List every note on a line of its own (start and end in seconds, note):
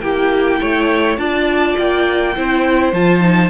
0.00 0.60 A#3
0.00 1.18 E4
0.00 0.61 G4
0.00 1.17 G5
0.61 1.17 A3
0.61 1.19 C#5
1.17 1.75 D4
1.17 2.35 F4
1.17 2.35 D5
1.17 1.76 A5
1.78 2.36 A#3
1.78 2.94 G5
2.35 2.92 C4
2.35 2.93 E4
2.35 3.50 C5
2.92 3.50 F3
2.92 3.20 F4
2.92 3.50 A5
3.20 3.50 D#4